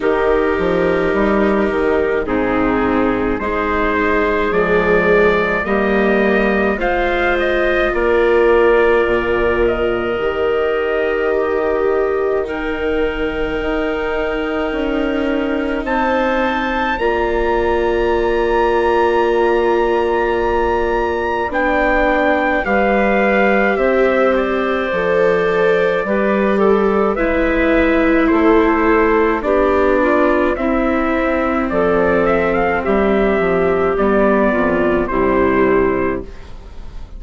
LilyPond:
<<
  \new Staff \with { instrumentName = "trumpet" } { \time 4/4 \tempo 4 = 53 ais'2 gis'4 c''4 | d''4 dis''4 f''8 dis''8 d''4~ | d''8 dis''2~ dis''8 g''4~ | g''2 a''4 ais''4~ |
ais''2. g''4 | f''4 e''8 d''2~ d''8 | e''4 c''4 d''4 e''4 | d''8 e''16 f''16 e''4 d''4 c''4 | }
  \new Staff \with { instrumentName = "clarinet" } { \time 4/4 g'2 dis'4 gis'4~ | gis'4 g'4 c''4 ais'4~ | ais'2 g'4 ais'4~ | ais'2 c''4 d''4~ |
d''1 | b'4 c''2 b'8 a'8 | b'4 a'4 g'8 f'8 e'4 | a'4 g'4. f'8 e'4 | }
  \new Staff \with { instrumentName = "viola" } { \time 4/4 dis'2 c'4 dis'4 | gis4 ais4 f'2~ | f'4 g'2 dis'4~ | dis'2. f'4~ |
f'2. d'4 | g'2 a'4 g'4 | e'2 d'4 c'4~ | c'2 b4 g4 | }
  \new Staff \with { instrumentName = "bassoon" } { \time 4/4 dis8 f8 g8 dis8 gis,4 gis4 | f4 g4 gis4 ais4 | ais,4 dis2. | dis'4 cis'4 c'4 ais4~ |
ais2. b4 | g4 c'4 f4 g4 | gis4 a4 b4 c'4 | f4 g8 f8 g8 f,8 c4 | }
>>